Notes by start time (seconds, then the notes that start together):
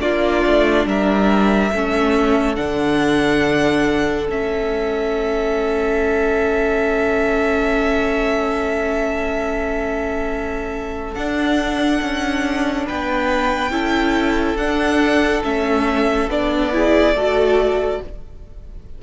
0.00 A#3 D4 F4 D5
0.46 A3
0.85 G3 A#4 E5
1.72 A3 C#4 A4
2.55 D3 D4 F#5
4.29 A3 C#4 E5
11.14 D4 F#5
12.02 C#4
12.86 B3 B4 G5
13.70 C#4 E4 A4
14.56 D4 F#5
15.43 A3 C#4 E5
16.27 B3 D4 D5
16.72 E4 G#4
17.13 A3 F#4 A4